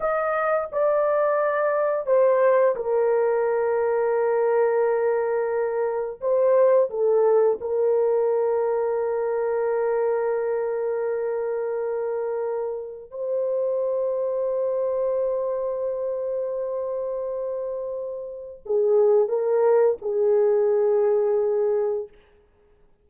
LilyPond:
\new Staff \with { instrumentName = "horn" } { \time 4/4 \tempo 4 = 87 dis''4 d''2 c''4 | ais'1~ | ais'4 c''4 a'4 ais'4~ | ais'1~ |
ais'2. c''4~ | c''1~ | c''2. gis'4 | ais'4 gis'2. | }